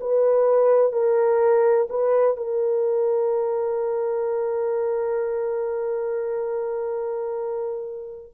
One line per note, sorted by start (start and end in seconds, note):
0.00 0.92 B4
0.92 1.87 A#4
1.89 2.36 B4
2.36 8.32 A#4